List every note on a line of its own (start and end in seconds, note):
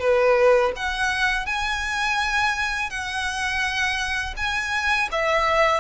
0.00 0.72 B4
0.76 1.46 F#5
1.46 2.90 G#5
2.90 4.34 F#5
4.37 5.09 G#5
5.12 5.80 E5